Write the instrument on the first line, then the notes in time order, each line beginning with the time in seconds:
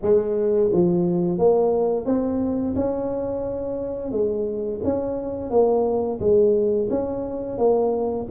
tuba
0.02 G#3
0.72 F3
1.38 A#3
2.05 C4
2.75 C#4
4.11 G#3
4.84 C#4
5.50 A#3
6.19 G#3
6.90 C#4
7.57 A#3